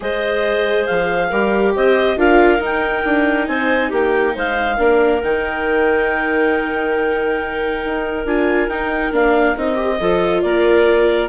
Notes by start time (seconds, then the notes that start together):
0.00 G#3 G#4 C5 D#5
0.86 F3 F5
1.29 G3 G4 A#4
1.75 C4 C5 D#5
2.16 D4 F4 A#4 F5
2.59 D#4 G5
3.04 D4
3.47 C4 C5 G#5
3.89 A#3 G4 G5
4.34 G#3 C5 F5
4.76 A#3 D4 A#4
5.23 D#3 D#4 G5
7.84 D#4
8.25 D4 F4 G#5
8.67 D#4 G5
9.12 A#3 D4 F5
9.56 C4 D#4 D#5
9.75 G4
9.99 F3 F4 A4
10.41 A#3 A#4 D5